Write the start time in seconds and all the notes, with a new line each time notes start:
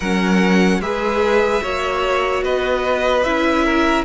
0.00 F#3 C#4 A#4 F#5
0.79 G#3 G#4 B4 E5
1.62 A#3 F#4 C#5
2.43 B3 B4 D#5
3.23 C#4 E4 E5
3.64 A#4